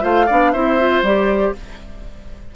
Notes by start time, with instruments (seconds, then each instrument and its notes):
0.00 bassoon A3, clarinet F4, oboe C5, flute F5
0.26 bassoon B3, clarinet D4, oboe D5
0.52 bassoon C4, clarinet E4, oboe C5, flute E5
0.79 clarinet F4
1.02 bassoon G3, clarinet G4, flute D5